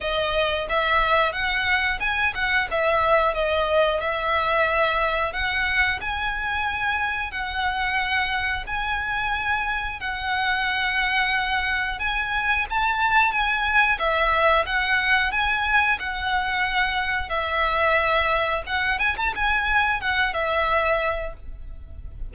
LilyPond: \new Staff \with { instrumentName = "violin" } { \time 4/4 \tempo 4 = 90 dis''4 e''4 fis''4 gis''8 fis''8 | e''4 dis''4 e''2 | fis''4 gis''2 fis''4~ | fis''4 gis''2 fis''4~ |
fis''2 gis''4 a''4 | gis''4 e''4 fis''4 gis''4 | fis''2 e''2 | fis''8 gis''16 a''16 gis''4 fis''8 e''4. | }